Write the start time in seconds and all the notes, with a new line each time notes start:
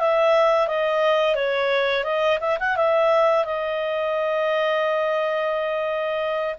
0.00 E5
0.68 D#5
1.36 C#5
2.04 D#5
2.41 E5
2.60 F#5
2.77 E5
3.45 D#5